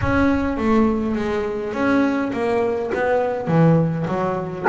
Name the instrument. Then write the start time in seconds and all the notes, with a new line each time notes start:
double bass
0.01 C#4
0.57 A3
1.15 G#3
1.73 C#4
2.32 A#3
2.94 B3
3.47 E3
4.07 F#3